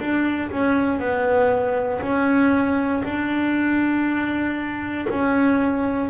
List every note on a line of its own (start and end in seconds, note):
0.00 0.51 D4
0.51 1.00 C#4
1.00 2.02 B3
2.02 3.03 C#4
3.04 5.08 D4
5.10 6.10 C#4